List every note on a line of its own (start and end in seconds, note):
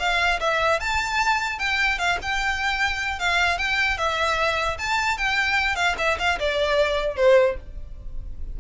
0.00 0.40 F5
0.41 0.80 E5
0.80 1.59 A5
1.59 1.99 G5
1.99 2.19 F5
2.22 3.20 G5
3.20 3.59 F5
3.59 3.98 G5
3.98 4.78 E5
4.79 5.18 A5
5.18 5.76 G5
5.76 5.96 F5
5.99 6.19 E5
6.19 6.39 F5
6.40 7.17 D5
7.17 7.57 C5